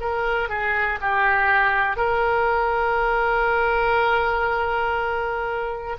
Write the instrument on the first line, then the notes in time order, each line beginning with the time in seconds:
oboe
0.00 A#4
0.49 G#4
1.00 G4
1.96 A#4